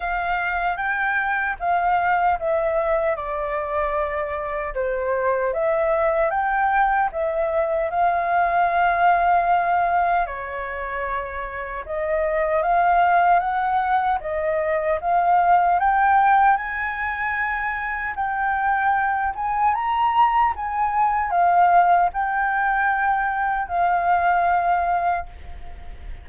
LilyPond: \new Staff \with { instrumentName = "flute" } { \time 4/4 \tempo 4 = 76 f''4 g''4 f''4 e''4 | d''2 c''4 e''4 | g''4 e''4 f''2~ | f''4 cis''2 dis''4 |
f''4 fis''4 dis''4 f''4 | g''4 gis''2 g''4~ | g''8 gis''8 ais''4 gis''4 f''4 | g''2 f''2 | }